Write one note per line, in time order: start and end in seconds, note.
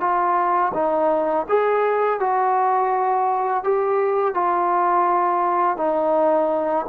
0.00 0.72 F4
0.74 1.46 D#4
1.49 2.20 G#4
2.20 3.64 F#4
3.64 4.34 G4
4.34 5.77 F4
5.77 6.85 D#4